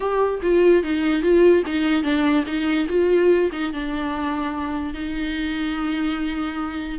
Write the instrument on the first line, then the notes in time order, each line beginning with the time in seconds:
viola
0.00 G4
0.42 F4
0.83 D#4
1.22 F4
1.66 D#4
2.03 D4
2.46 D#4
2.88 F4
3.52 D#4
3.72 D4
4.94 D#4